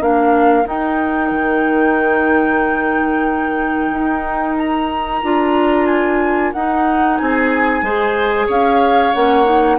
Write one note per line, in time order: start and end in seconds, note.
0.00 0.65 A#3
0.00 0.63 D4
0.00 7.17 A#4
0.00 0.67 F5
0.63 5.20 D#4
0.63 1.30 D#4
0.63 4.58 G5
1.30 3.91 D#3
3.91 5.22 D#4
4.58 5.86 A#5
5.22 6.53 D4
5.22 6.53 F4
5.86 6.51 G#5
6.52 7.19 D#4
6.52 7.85 D#4
6.52 7.17 F#5
7.17 7.82 C4
7.17 7.84 G#4
7.17 8.47 G#5
7.82 8.47 G#3
7.82 9.13 G#4
7.82 8.46 C5
8.46 9.14 C#4
8.46 9.77 C#5
8.46 9.13 F5
9.13 9.78 A#3
9.13 9.44 C#4
9.13 9.78 F#5
9.44 9.76 D#4